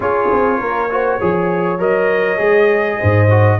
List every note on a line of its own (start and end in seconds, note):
0.00 0.29 C#4
0.00 0.89 F4
0.00 0.58 G#4
0.00 1.80 C#5
0.32 0.59 C4
0.58 1.19 A#3
0.58 0.89 A#4
0.90 1.20 F#4
0.90 1.17 C5
1.17 1.79 F3
1.17 1.78 G#4
1.17 2.97 C#5
1.78 2.39 F#3
1.78 2.37 A#4
1.78 3.59 D#5
2.37 2.99 G#3
2.37 3.27 G#4
2.98 3.59 G#2
2.98 3.58 C5
3.29 3.59 F#4